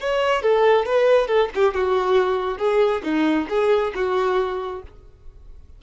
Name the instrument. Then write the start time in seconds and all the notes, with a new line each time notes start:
violin
0.00 C#5
0.42 A4
0.85 B4
1.27 A4
1.54 G4
1.74 F#4
2.58 G#4
3.03 D#4
3.49 G#4
3.94 F#4